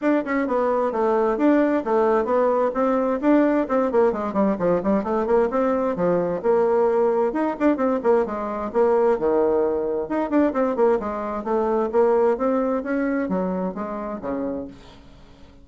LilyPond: \new Staff \with { instrumentName = "bassoon" } { \time 4/4 \tempo 4 = 131 d'8 cis'8 b4 a4 d'4 | a4 b4 c'4 d'4 | c'8 ais8 gis8 g8 f8 g8 a8 ais8 | c'4 f4 ais2 |
dis'8 d'8 c'8 ais8 gis4 ais4 | dis2 dis'8 d'8 c'8 ais8 | gis4 a4 ais4 c'4 | cis'4 fis4 gis4 cis4 | }